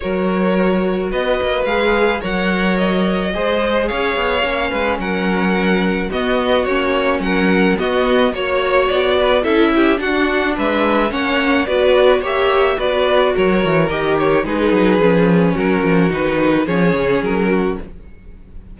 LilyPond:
<<
  \new Staff \with { instrumentName = "violin" } { \time 4/4 \tempo 4 = 108 cis''2 dis''4 f''4 | fis''4 dis''2 f''4~ | f''4 fis''2 dis''4 | cis''4 fis''4 dis''4 cis''4 |
d''4 e''4 fis''4 e''4 | fis''4 d''4 e''4 d''4 | cis''4 dis''8 cis''8 b'2 | ais'4 b'4 cis''4 ais'4 | }
  \new Staff \with { instrumentName = "violin" } { \time 4/4 ais'2 b'2 | cis''2 c''4 cis''4~ | cis''8 b'8 ais'2 fis'4~ | fis'4 ais'4 fis'4 cis''4~ |
cis''8 b'8 a'8 g'8 fis'4 b'4 | cis''4 b'4 cis''4 b'4 | ais'2 gis'2 | fis'2 gis'4. fis'8 | }
  \new Staff \with { instrumentName = "viola" } { \time 4/4 fis'2. gis'4 | ais'2 gis'2 | cis'2. b4 | cis'2 b4 fis'4~ |
fis'4 e'4 d'2 | cis'4 fis'4 g'4 fis'4~ | fis'4 g'4 dis'4 cis'4~ | cis'4 dis'4 cis'2 | }
  \new Staff \with { instrumentName = "cello" } { \time 4/4 fis2 b8 ais8 gis4 | fis2 gis4 cis'8 b8 | ais8 gis8 fis2 b4 | ais4 fis4 b4 ais4 |
b4 cis'4 d'4 gis4 | ais4 b4 ais4 b4 | fis8 e8 dis4 gis8 fis8 f4 | fis8 f8 dis4 f8 cis8 fis4 | }
>>